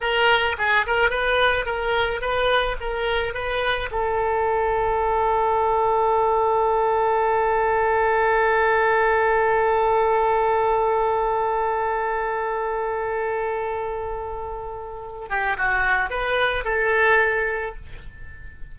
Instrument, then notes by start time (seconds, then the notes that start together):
oboe
0.01 A#4
0.58 G#4
0.86 A#4
1.10 B4
1.65 A#4
2.21 B4
2.80 A#4
3.34 B4
3.91 A4
15.29 G4
15.57 F#4
16.10 B4
16.64 A4